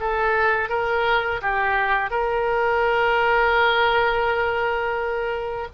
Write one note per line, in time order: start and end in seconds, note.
0.00 0.69 A4
0.69 1.41 A#4
1.41 2.10 G4
2.10 5.68 A#4